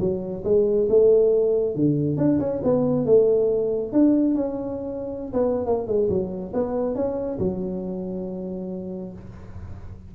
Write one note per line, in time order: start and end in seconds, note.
0.00 0.43 F#3
0.45 0.88 G#3
0.89 1.75 A3
1.75 2.17 D3
2.17 2.39 D4
2.40 2.62 C#4
2.64 3.06 B3
3.06 3.92 A3
3.92 4.35 D4
4.35 5.33 C#4
5.33 5.66 B3
5.66 5.87 A#3
5.87 6.09 G#3
6.09 6.53 F#3
6.54 6.95 B3
6.95 7.39 C#4
7.39 9.13 F#3